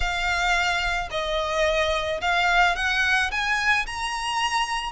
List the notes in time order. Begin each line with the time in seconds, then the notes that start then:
0.00 F5
1.10 D#5
2.21 F5
2.75 F#5
3.31 G#5
3.86 A#5